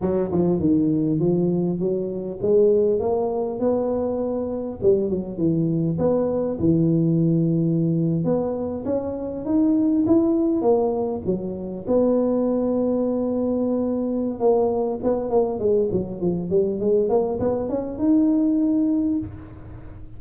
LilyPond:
\new Staff \with { instrumentName = "tuba" } { \time 4/4 \tempo 4 = 100 fis8 f8 dis4 f4 fis4 | gis4 ais4 b2 | g8 fis8 e4 b4 e4~ | e4.~ e16 b4 cis'4 dis'16~ |
dis'8. e'4 ais4 fis4 b16~ | b1 | ais4 b8 ais8 gis8 fis8 f8 g8 | gis8 ais8 b8 cis'8 dis'2 | }